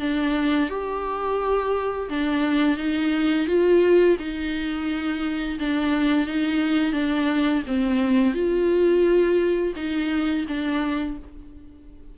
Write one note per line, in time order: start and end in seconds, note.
0.00 0.70 D4
0.70 2.09 G4
2.10 2.78 D4
2.78 3.47 D#4
3.47 4.17 F4
4.19 5.59 D#4
5.60 6.27 D4
6.27 6.93 D#4
6.93 7.63 D4
7.67 8.34 C4
8.34 9.74 F4
9.76 10.46 D#4
10.48 11.18 D4